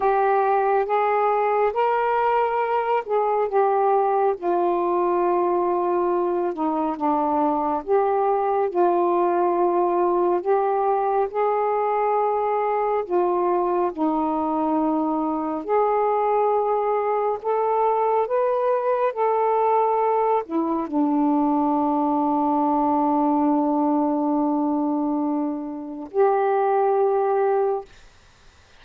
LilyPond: \new Staff \with { instrumentName = "saxophone" } { \time 4/4 \tempo 4 = 69 g'4 gis'4 ais'4. gis'8 | g'4 f'2~ f'8 dis'8 | d'4 g'4 f'2 | g'4 gis'2 f'4 |
dis'2 gis'2 | a'4 b'4 a'4. e'8 | d'1~ | d'2 g'2 | }